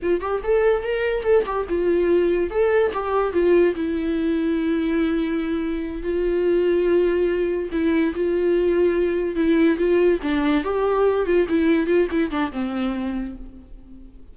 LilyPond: \new Staff \with { instrumentName = "viola" } { \time 4/4 \tempo 4 = 144 f'8 g'8 a'4 ais'4 a'8 g'8 | f'2 a'4 g'4 | f'4 e'2.~ | e'2~ e'8 f'4.~ |
f'2~ f'8 e'4 f'8~ | f'2~ f'8 e'4 f'8~ | f'8 d'4 g'4. f'8 e'8~ | e'8 f'8 e'8 d'8 c'2 | }